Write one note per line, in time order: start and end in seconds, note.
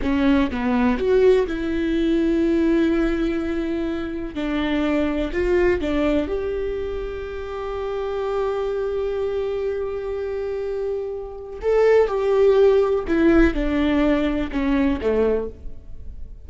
0.02 0.50 C#4
0.50 0.98 B3
0.98 1.46 F#4
1.46 4.35 E4
4.35 5.31 D4
5.32 5.80 F4
5.80 6.27 D4
6.27 11.59 G4
11.61 12.07 A4
12.07 13.04 G4
13.07 13.54 E4
13.54 14.50 D4
14.51 15.00 C#4
15.01 15.49 A3